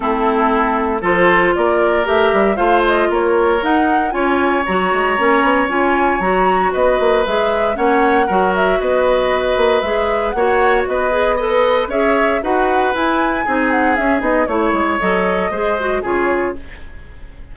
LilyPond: <<
  \new Staff \with { instrumentName = "flute" } { \time 4/4 \tempo 4 = 116 a'2 c''4 d''4 | e''4 f''8 dis''8 cis''4 fis''4 | gis''4 ais''2 gis''4 | ais''4 dis''4 e''4 fis''4~ |
fis''8 e''8 dis''2 e''4 | fis''4 dis''4 b'4 e''4 | fis''4 gis''4. fis''8 e''8 dis''8 | cis''4 dis''2 cis''4 | }
  \new Staff \with { instrumentName = "oboe" } { \time 4/4 e'2 a'4 ais'4~ | ais'4 c''4 ais'2 | cis''1~ | cis''4 b'2 cis''4 |
ais'4 b'2. | cis''4 b'4 dis''4 cis''4 | b'2 gis'2 | cis''2 c''4 gis'4 | }
  \new Staff \with { instrumentName = "clarinet" } { \time 4/4 c'2 f'2 | g'4 f'2 dis'4 | f'4 fis'4 cis'4 f'4 | fis'2 gis'4 cis'4 |
fis'2. gis'4 | fis'4. gis'8 a'4 gis'4 | fis'4 e'4 dis'4 cis'8 dis'8 | e'4 a'4 gis'8 fis'8 f'4 | }
  \new Staff \with { instrumentName = "bassoon" } { \time 4/4 a2 f4 ais4 | a8 g8 a4 ais4 dis'4 | cis'4 fis8 gis8 ais8 b8 cis'4 | fis4 b8 ais8 gis4 ais4 |
fis4 b4. ais8 gis4 | ais4 b2 cis'4 | dis'4 e'4 c'4 cis'8 b8 | a8 gis8 fis4 gis4 cis4 | }
>>